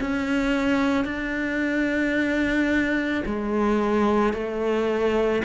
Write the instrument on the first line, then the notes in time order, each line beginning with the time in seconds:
cello
0.00 C#4
1.05 D4
3.25 G#3
4.33 A3